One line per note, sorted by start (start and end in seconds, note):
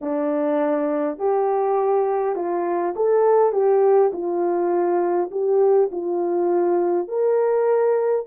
0.01 1.18 D4
1.18 2.35 G4
2.35 2.94 F4
2.96 3.52 A4
3.52 4.11 G4
4.13 5.30 F4
5.31 5.90 G4
5.91 7.07 F4
7.07 8.25 A#4